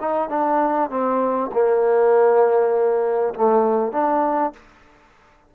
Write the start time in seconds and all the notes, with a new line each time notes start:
0.00 D#4
0.29 D4
0.90 C4
1.52 A#3
3.34 A3
3.92 D4